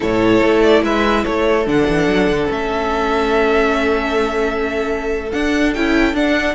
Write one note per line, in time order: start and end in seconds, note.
0.00 0.41 A2
0.00 1.66 E4
0.00 0.83 A4
0.00 0.62 C#5
0.41 0.82 A3
0.62 0.82 D5
0.82 1.24 G#3
0.82 1.24 B4
0.82 1.24 E5
1.24 1.66 A3
1.24 6.54 A4
1.24 1.66 C#5
1.66 1.87 D3
1.66 2.48 D4
1.66 2.51 F#5
1.87 2.07 E3
2.07 2.27 F#3
2.27 2.48 D3
2.48 5.31 A3
2.48 5.29 C#4
2.48 5.31 E5
5.31 5.74 D4
5.31 5.76 D4
5.31 5.73 F#5
5.73 6.13 C#4
5.73 6.14 E4
5.73 6.15 G5
6.13 6.54 D4
6.13 6.54 F#5